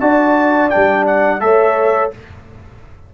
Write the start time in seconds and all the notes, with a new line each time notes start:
0.00 D4 F#4 D5 A5
0.70 G3 D4 G5
1.07 F#5
1.41 A3 A4 C#5 E5